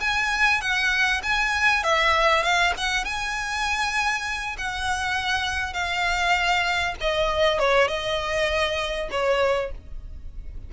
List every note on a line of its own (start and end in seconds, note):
0.00 0.61 G#5
0.61 1.21 F#5
1.23 1.83 G#5
1.83 2.43 E5
2.43 2.73 F5
2.77 3.04 F#5
3.04 4.56 G#5
4.57 5.73 F#5
5.73 6.94 F5
7.01 7.59 D#5
7.59 7.87 C#5
7.87 9.09 D#5
9.10 9.71 C#5